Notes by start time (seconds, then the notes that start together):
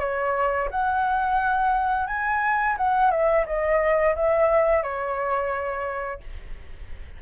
0.00 C#5
0.71 F#5
2.07 G#5
2.77 F#5
3.11 E5
3.46 D#5
4.16 E5
4.83 C#5